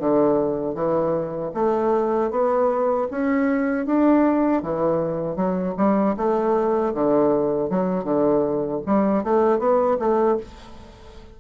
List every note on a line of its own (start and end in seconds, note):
0.00 0.75 D3
0.75 1.52 E3
1.54 2.31 A3
2.31 3.08 B3
3.11 3.86 C#4
3.86 4.63 D4
4.63 5.36 E3
5.36 5.75 F#3
5.78 6.16 G3
6.17 6.94 A3
6.94 7.70 D3
7.70 8.05 F#3
8.05 8.81 D3
8.87 9.24 G3
9.24 9.59 A3
9.59 9.98 B3
10.00 10.38 A3